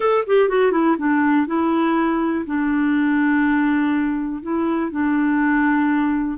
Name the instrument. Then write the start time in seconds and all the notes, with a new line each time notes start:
clarinet
0.00 A4
0.26 G4
0.48 F#4
0.71 E4
0.97 D4
1.46 E4
2.46 D4
4.42 E4
4.91 D4